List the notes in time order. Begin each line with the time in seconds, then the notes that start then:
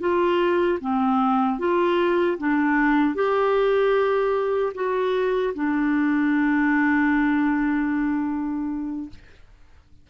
0.00 F4
0.80 C4
1.59 F4
2.38 D4
3.15 G4
4.74 F#4
5.54 D4